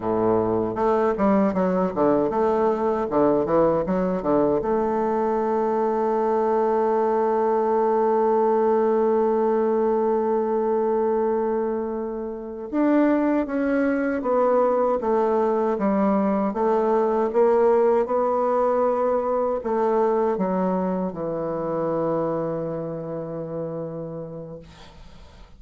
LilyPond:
\new Staff \with { instrumentName = "bassoon" } { \time 4/4 \tempo 4 = 78 a,4 a8 g8 fis8 d8 a4 | d8 e8 fis8 d8 a2~ | a1~ | a1~ |
a8 d'4 cis'4 b4 a8~ | a8 g4 a4 ais4 b8~ | b4. a4 fis4 e8~ | e1 | }